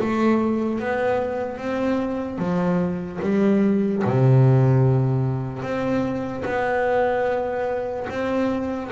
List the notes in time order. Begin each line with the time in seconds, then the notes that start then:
0.00 A3
0.80 B3
1.58 C4
2.39 F3
3.22 G3
4.05 C3
5.63 C4
6.45 B3
8.10 C4